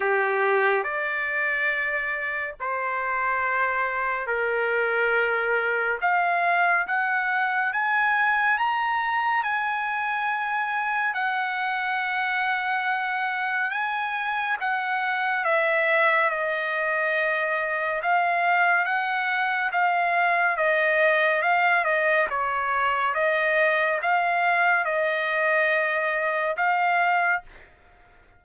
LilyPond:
\new Staff \with { instrumentName = "trumpet" } { \time 4/4 \tempo 4 = 70 g'4 d''2 c''4~ | c''4 ais'2 f''4 | fis''4 gis''4 ais''4 gis''4~ | gis''4 fis''2. |
gis''4 fis''4 e''4 dis''4~ | dis''4 f''4 fis''4 f''4 | dis''4 f''8 dis''8 cis''4 dis''4 | f''4 dis''2 f''4 | }